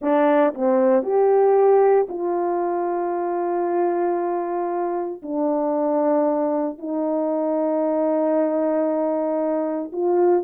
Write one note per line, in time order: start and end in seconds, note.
0.01 0.54 D4
0.54 1.02 C4
1.02 2.07 G4
2.08 5.22 F4
5.22 6.78 D4
6.78 9.91 D#4
9.92 10.44 F4